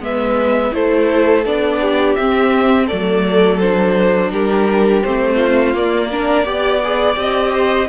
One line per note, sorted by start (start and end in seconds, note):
0.00 0.71 G#3
0.00 0.72 B3
0.00 0.75 B4
0.00 0.74 E5
0.72 1.45 A3
0.72 1.44 E4
0.72 1.82 A4
0.72 1.46 C5
1.45 2.17 B3
1.45 2.18 D4
1.45 2.15 D5
1.82 2.87 G4
2.15 2.90 C4
2.15 2.89 C4
2.15 2.87 E5
2.87 4.32 F#3
2.87 3.61 A3
2.87 4.29 A4
2.87 3.59 D5
3.60 5.05 D4
3.60 4.31 C5
4.32 5.03 G3
4.32 5.36 G4
4.32 5.03 A#4
5.03 5.74 A3
5.03 5.75 C4
5.03 5.75 C5
5.36 6.07 F4
5.74 6.45 A#3
5.74 6.10 A#3
5.74 7.19 D5
6.12 6.45 D4
6.12 6.47 A#4
6.45 7.16 B3
6.45 6.81 G4
6.45 7.52 D5
6.84 7.15 G#4
7.15 7.88 C4
7.15 7.86 G4
7.15 7.89 D#5
7.52 7.88 C5